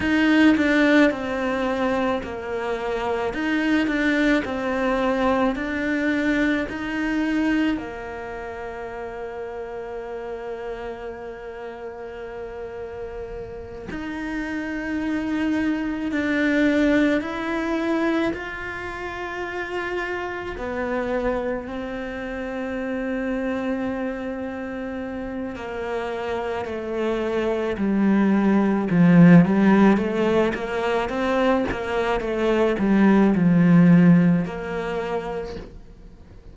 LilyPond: \new Staff \with { instrumentName = "cello" } { \time 4/4 \tempo 4 = 54 dis'8 d'8 c'4 ais4 dis'8 d'8 | c'4 d'4 dis'4 ais4~ | ais1~ | ais8 dis'2 d'4 e'8~ |
e'8 f'2 b4 c'8~ | c'2. ais4 | a4 g4 f8 g8 a8 ais8 | c'8 ais8 a8 g8 f4 ais4 | }